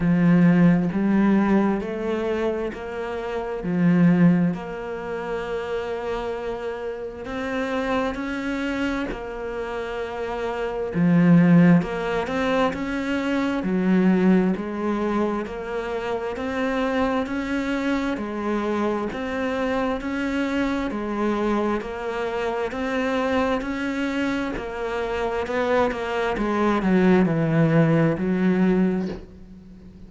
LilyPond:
\new Staff \with { instrumentName = "cello" } { \time 4/4 \tempo 4 = 66 f4 g4 a4 ais4 | f4 ais2. | c'4 cis'4 ais2 | f4 ais8 c'8 cis'4 fis4 |
gis4 ais4 c'4 cis'4 | gis4 c'4 cis'4 gis4 | ais4 c'4 cis'4 ais4 | b8 ais8 gis8 fis8 e4 fis4 | }